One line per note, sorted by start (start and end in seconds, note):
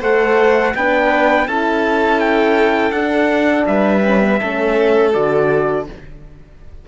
0.00 0.74 A3
0.00 0.75 A4
0.00 0.73 C5
0.00 0.75 F#5
0.74 1.47 B3
0.74 1.48 D4
0.74 1.47 B4
0.74 1.47 G5
1.47 2.90 C#4
1.47 2.94 E4
1.47 3.67 A4
1.47 2.19 A5
2.19 2.91 G5
2.90 3.64 D4
2.90 4.03 D4
2.90 3.64 F#5
3.66 4.40 G3
3.66 4.39 B4
3.66 5.13 E5
4.03 4.20 C#4
4.20 4.39 B3
4.39 5.14 A3
4.39 5.12 C#4
4.39 5.85 A4
5.12 5.87 D3
5.12 5.86 F#4
5.12 5.86 D5